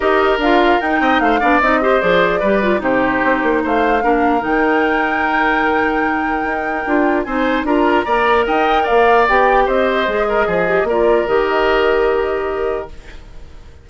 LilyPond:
<<
  \new Staff \with { instrumentName = "flute" } { \time 4/4 \tempo 4 = 149 dis''4 f''4 g''4 f''4 | dis''4 d''2 c''4~ | c''4 f''2 g''4~ | g''1~ |
g''2 gis''4 ais''4~ | ais''4 g''4 f''4 g''4 | dis''2. d''4 | dis''1 | }
  \new Staff \with { instrumentName = "oboe" } { \time 4/4 ais'2~ ais'8 dis''8 c''8 d''8~ | d''8 c''4. b'4 g'4~ | g'4 c''4 ais'2~ | ais'1~ |
ais'2 c''4 ais'4 | d''4 dis''4 d''2 | c''4. ais'8 gis'4 ais'4~ | ais'1 | }
  \new Staff \with { instrumentName = "clarinet" } { \time 4/4 g'4 f'4 dis'4. d'8 | dis'8 g'8 gis'4 g'8 f'8 dis'4~ | dis'2 d'4 dis'4~ | dis'1~ |
dis'4 f'4 dis'4 f'4 | ais'2. g'4~ | g'4 gis'4. g'8 f'4 | g'1 | }
  \new Staff \with { instrumentName = "bassoon" } { \time 4/4 dis'4 d'4 dis'8 c'8 a8 b8 | c'4 f4 g4 c4 | c'8 ais8 a4 ais4 dis4~ | dis1 |
dis'4 d'4 c'4 d'4 | ais4 dis'4 ais4 b4 | c'4 gis4 f4 ais4 | dis1 | }
>>